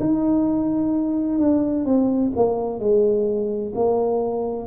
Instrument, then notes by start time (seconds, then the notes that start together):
tuba
0.00 D#4
1.39 D4
1.85 C4
2.37 A#3
2.80 G#3
3.75 A#3